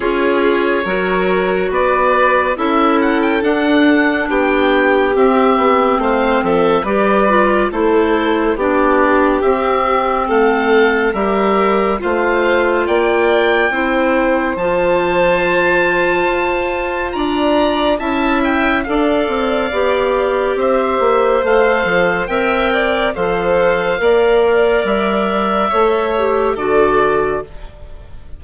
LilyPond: <<
  \new Staff \with { instrumentName = "oboe" } { \time 4/4 \tempo 4 = 70 cis''2 d''4 e''8 fis''16 g''16 | fis''4 g''4 e''4 f''8 e''8 | d''4 c''4 d''4 e''4 | f''4 e''4 f''4 g''4~ |
g''4 a''2. | ais''4 a''8 g''8 f''2 | e''4 f''4 g''4 f''4~ | f''4 e''2 d''4 | }
  \new Staff \with { instrumentName = "violin" } { \time 4/4 gis'4 ais'4 b'4 a'4~ | a'4 g'2 c''8 a'8 | b'4 a'4 g'2 | a'4 ais'4 c''4 d''4 |
c''1 | d''4 e''4 d''2 | c''2 e''8 d''8 c''4 | d''2 cis''4 a'4 | }
  \new Staff \with { instrumentName = "clarinet" } { \time 4/4 f'4 fis'2 e'4 | d'2 c'2 | g'8 f'8 e'4 d'4 c'4~ | c'4 g'4 f'2 |
e'4 f'2.~ | f'4 e'4 a'4 g'4~ | g'4 a'4 ais'4 a'4 | ais'2 a'8 g'8 fis'4 | }
  \new Staff \with { instrumentName = "bassoon" } { \time 4/4 cis'4 fis4 b4 cis'4 | d'4 b4 c'8 b8 a8 f8 | g4 a4 b4 c'4 | a4 g4 a4 ais4 |
c'4 f2 f'4 | d'4 cis'4 d'8 c'8 b4 | c'8 ais8 a8 f8 c'4 f4 | ais4 g4 a4 d4 | }
>>